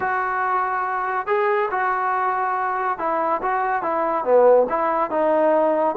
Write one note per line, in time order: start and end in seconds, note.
0.00 1.26 F#4
1.26 1.69 G#4
1.70 2.98 F#4
2.98 3.41 E4
3.42 3.82 F#4
3.82 4.24 E4
4.24 4.67 B3
4.69 5.10 E4
5.10 5.95 D#4